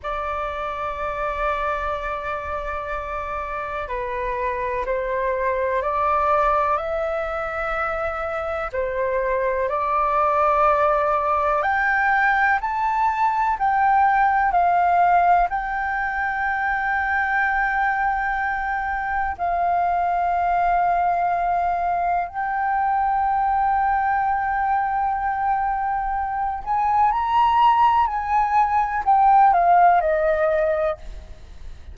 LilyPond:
\new Staff \with { instrumentName = "flute" } { \time 4/4 \tempo 4 = 62 d''1 | b'4 c''4 d''4 e''4~ | e''4 c''4 d''2 | g''4 a''4 g''4 f''4 |
g''1 | f''2. g''4~ | g''2.~ g''8 gis''8 | ais''4 gis''4 g''8 f''8 dis''4 | }